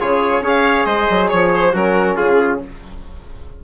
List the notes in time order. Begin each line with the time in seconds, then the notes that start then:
0.00 C#3 F4 G#4 C#5
0.41 C#4 G#4 C#5
0.48 F5
0.85 G#3 C5 D#5
1.10 F#3
1.28 F3 C#5
1.55 C5
1.72 F#3 C#4 F#4 A#4
2.16 C#3 F4 G#4